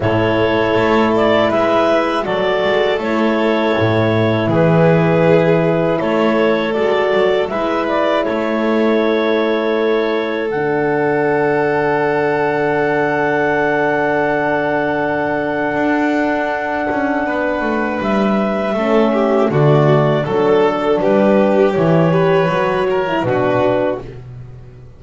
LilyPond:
<<
  \new Staff \with { instrumentName = "clarinet" } { \time 4/4 \tempo 4 = 80 cis''4. d''8 e''4 d''4 | cis''2 b'2 | cis''4 d''4 e''8 d''8 cis''4~ | cis''2 fis''2~ |
fis''1~ | fis''1 | e''2 d''4 a'4 | b'4 cis''2 b'4 | }
  \new Staff \with { instrumentName = "violin" } { \time 4/4 a'2 b'4 a'4~ | a'2 gis'2 | a'2 b'4 a'4~ | a'1~ |
a'1~ | a'2. b'4~ | b'4 a'8 g'8 fis'4 a'4 | g'4. b'4 ais'8 fis'4 | }
  \new Staff \with { instrumentName = "horn" } { \time 4/4 e'2. fis'4 | e'1~ | e'4 fis'4 e'2~ | e'2 d'2~ |
d'1~ | d'1~ | d'4 cis'4 a4 d'4~ | d'4 e'8 g'8 fis'8. e'16 d'4 | }
  \new Staff \with { instrumentName = "double bass" } { \time 4/4 a,4 a4 gis4 fis8 gis8 | a4 a,4 e2 | a4 gis8 fis8 gis4 a4~ | a2 d2~ |
d1~ | d4 d'4. cis'8 b8 a8 | g4 a4 d4 fis4 | g4 e4 fis4 b,4 | }
>>